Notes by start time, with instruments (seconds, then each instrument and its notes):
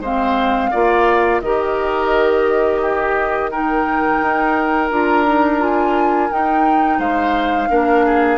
0.00 bassoon G#3, clarinet C4, oboe C5, flute F5
0.70 bassoon A#3, clarinet F4, oboe D5
1.41 bassoon D#3, clarinet G4, oboe A#4, flute D#5
2.81 oboe G4
3.50 clarinet D#4, oboe A#4, flute G5
4.21 bassoon D#4
4.90 bassoon D4, clarinet F4, flute A#5
5.25 clarinet D#4
5.59 clarinet F4, flute G#5
6.31 bassoon D#4, clarinet D#4, flute G5
6.98 bassoon G#3, oboe C5, flute F5
7.69 bassoon A#3, clarinet D4, oboe A#4
8.05 oboe G#4